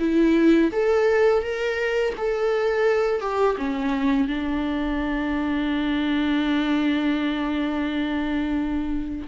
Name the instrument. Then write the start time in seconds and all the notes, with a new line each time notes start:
viola
0.00 E4
0.72 A4
1.43 A#4
2.18 A4
3.21 G4
3.58 C#4
4.28 D4